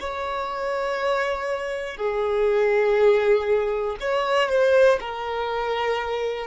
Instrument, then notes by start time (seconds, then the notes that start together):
violin
0.00 C#5
1.96 G#4
4.00 C#5
4.49 C5
5.00 A#4